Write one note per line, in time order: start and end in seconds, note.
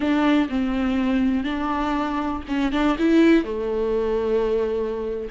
0.00 0.48 D4
0.49 1.44 C4
1.44 2.42 D4
2.47 2.72 C#4
2.72 2.96 D4
2.98 3.44 E4
3.44 5.28 A3